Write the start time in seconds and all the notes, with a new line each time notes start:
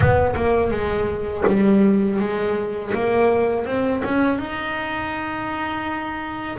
0.00 B3
0.35 A#3
0.71 G#3
1.47 G3
2.19 G#3
2.93 A#3
3.66 C4
4.04 C#4
4.38 D#4